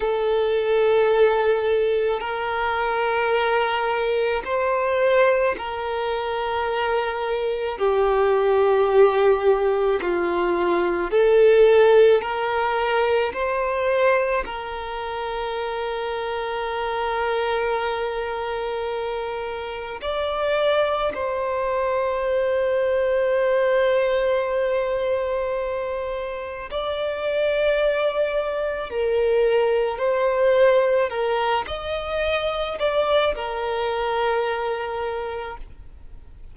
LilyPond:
\new Staff \with { instrumentName = "violin" } { \time 4/4 \tempo 4 = 54 a'2 ais'2 | c''4 ais'2 g'4~ | g'4 f'4 a'4 ais'4 | c''4 ais'2.~ |
ais'2 d''4 c''4~ | c''1 | d''2 ais'4 c''4 | ais'8 dis''4 d''8 ais'2 | }